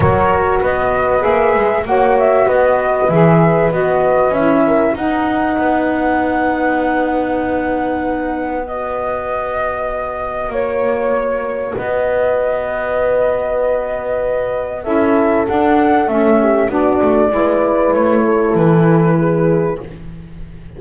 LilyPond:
<<
  \new Staff \with { instrumentName = "flute" } { \time 4/4 \tempo 4 = 97 cis''4 dis''4 e''4 fis''8 e''8 | dis''4 e''4 dis''4 e''4 | fis''1~ | fis''2 dis''2~ |
dis''4 cis''2 dis''4~ | dis''1 | e''4 fis''4 e''4 d''4~ | d''4 cis''4 b'2 | }
  \new Staff \with { instrumentName = "horn" } { \time 4/4 ais'4 b'2 cis''4 | b'2.~ b'8 ais'8 | b'1~ | b'1~ |
b'4 cis''2 b'4~ | b'1 | a'2~ a'8 g'8 fis'4 | b'4. a'4. gis'4 | }
  \new Staff \with { instrumentName = "saxophone" } { \time 4/4 fis'2 gis'4 fis'4~ | fis'4 gis'4 fis'4 e'4 | dis'1~ | dis'2 fis'2~ |
fis'1~ | fis'1 | e'4 d'4 cis'4 d'4 | e'1 | }
  \new Staff \with { instrumentName = "double bass" } { \time 4/4 fis4 b4 ais8 gis8 ais4 | b4 e4 b4 cis'4 | dis'4 b2.~ | b1~ |
b4 ais2 b4~ | b1 | cis'4 d'4 a4 b8 a8 | gis4 a4 e2 | }
>>